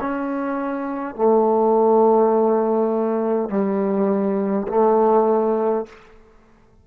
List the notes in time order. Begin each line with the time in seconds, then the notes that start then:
0.00 C#4
1.16 A3
3.49 G3
4.68 A3